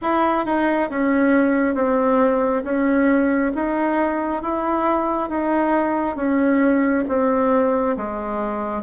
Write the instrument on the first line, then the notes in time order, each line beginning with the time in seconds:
bassoon
0.01 E4
0.45 D#4
0.89 C#4
1.74 C4
2.64 C#4
3.55 D#4
4.42 E4
5.29 D#4
6.16 C#4
7.08 C4
7.97 G#3